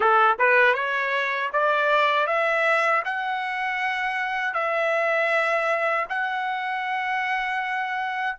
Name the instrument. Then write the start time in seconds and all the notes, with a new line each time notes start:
trumpet
0.00 A4
0.38 B4
0.74 C#5
1.53 D5
2.26 E5
3.04 F#5
4.54 E5
6.09 F#5